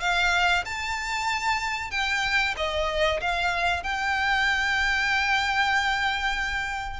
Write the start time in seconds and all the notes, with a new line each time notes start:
0.00 F5
0.65 A5
1.91 G5
2.56 D#5
3.21 F5
3.83 G5